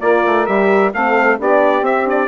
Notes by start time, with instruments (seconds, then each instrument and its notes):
0.00 bassoon A#3, horn F4, saxophone A#4, trumpet D5
0.26 bassoon A3
0.46 bassoon G3, horn G4, trumpet E5
0.93 bassoon A3, horn C4, saxophone A4, trumpet F5
1.38 bassoon B3, horn D4, saxophone G4, trumpet D5
1.81 bassoon C4, horn C4, trumpet E5
2.05 horn D4, trumpet D5